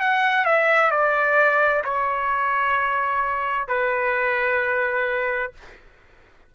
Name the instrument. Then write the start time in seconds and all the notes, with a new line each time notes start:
trumpet
0.00 F#5
0.45 E5
0.91 D5
1.84 C#5
3.68 B4